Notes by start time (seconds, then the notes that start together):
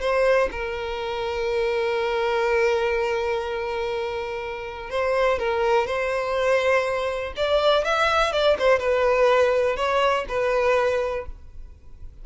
0.00 C5
0.51 A#4
4.90 C5
5.39 A#4
5.86 C5
7.36 D5
7.84 E5
8.32 D5
8.58 C5
8.79 B4
9.76 C#5
10.28 B4